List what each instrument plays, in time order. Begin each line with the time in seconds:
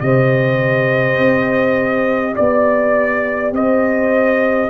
0.00 tuba C3, trombone G4, horn C5, trumpet D#5
1.18 tuba C4
2.35 tuba B3, horn D5, trumpet D5
3.52 tuba C4, horn C5, trumpet D#5